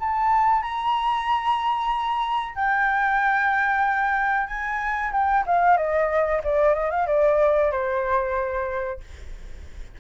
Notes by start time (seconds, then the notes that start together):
0.00 A5
0.62 A#5
2.55 G5
4.47 G#5
5.12 G5
5.47 F5
5.77 D#5
6.44 D5
6.75 D#5
6.91 F5
7.07 D5
7.72 C5